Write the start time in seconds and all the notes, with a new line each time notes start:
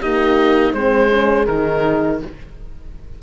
0.00 A#3 D#4 G4 D#5
0.74 G#3 C4 G#4 C5
1.10 C#4
1.47 D#3 D#4 A#4